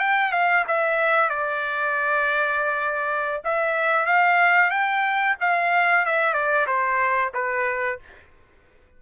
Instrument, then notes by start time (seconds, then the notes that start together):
trumpet
0.00 G5
0.32 F5
0.68 E5
1.30 D5
3.45 E5
4.06 F5
4.71 G5
5.41 F5
6.06 E5
6.34 D5
6.67 C5
7.34 B4